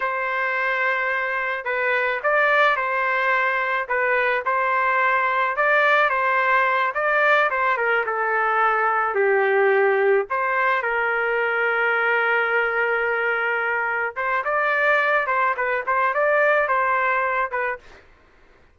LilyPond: \new Staff \with { instrumentName = "trumpet" } { \time 4/4 \tempo 4 = 108 c''2. b'4 | d''4 c''2 b'4 | c''2 d''4 c''4~ | c''8 d''4 c''8 ais'8 a'4.~ |
a'8 g'2 c''4 ais'8~ | ais'1~ | ais'4. c''8 d''4. c''8 | b'8 c''8 d''4 c''4. b'8 | }